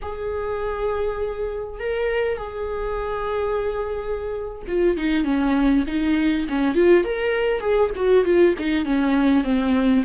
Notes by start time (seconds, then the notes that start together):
0.02 G#4
1.79 A#4
2.37 G#4
4.67 F4
4.97 D#4
5.24 C#4
5.87 D#4
6.49 C#4
6.74 F4
7.04 A#4
7.60 G#4
7.95 F#4
8.24 F4
8.58 D#4
8.85 C#4
9.44 C4